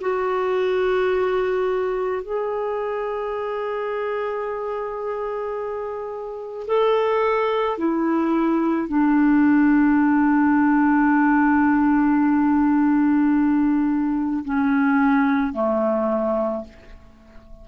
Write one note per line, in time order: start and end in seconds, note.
0.00 2.22 F#4
2.22 6.66 G#4
6.67 7.78 A4
7.78 8.88 E4
8.88 14.43 D4
14.44 15.53 C#4
15.53 16.64 A3